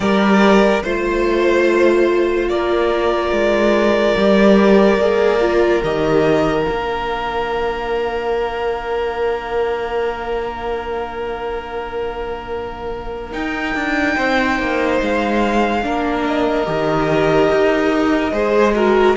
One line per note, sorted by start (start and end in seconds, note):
0.00 0.83 G3
0.00 0.84 G4
0.00 0.83 A#4
0.00 0.82 D5
0.83 2.49 A3
0.83 4.16 F4
0.83 2.48 C5
0.83 2.49 C5
2.48 3.31 A#3
2.48 14.14 A#4
2.48 5.82 D5
3.31 4.15 G#3
4.16 4.98 G3
4.16 5.00 G4
4.98 5.81 A#3
4.98 5.41 G#4
5.41 5.83 F4
5.83 6.66 D#3
5.83 6.65 G4
5.83 6.63 D#5
6.63 13.33 A#3
6.63 13.31 D4
6.63 13.29 F5
13.31 15.81 D#4
13.31 13.74 D#4
13.31 14.99 G5
13.74 14.16 D4
14.14 14.59 C4
14.14 15.81 C5
14.59 15.01 A#3
15.01 15.84 G#3
15.01 16.26 F5
15.82 16.67 A#3
15.82 16.65 D4
15.82 18.32 A#4
16.26 19.16 D#5
16.65 17.50 D#3
16.65 18.32 G4
17.50 18.32 D#4
18.32 19.15 G#3
18.32 18.74 G#4
18.32 18.74 C5
18.74 19.16 F#4
18.74 19.16 A#4